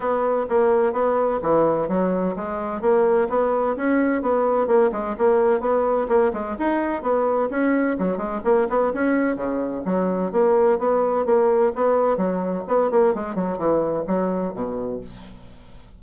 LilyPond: \new Staff \with { instrumentName = "bassoon" } { \time 4/4 \tempo 4 = 128 b4 ais4 b4 e4 | fis4 gis4 ais4 b4 | cis'4 b4 ais8 gis8 ais4 | b4 ais8 gis8 dis'4 b4 |
cis'4 fis8 gis8 ais8 b8 cis'4 | cis4 fis4 ais4 b4 | ais4 b4 fis4 b8 ais8 | gis8 fis8 e4 fis4 b,4 | }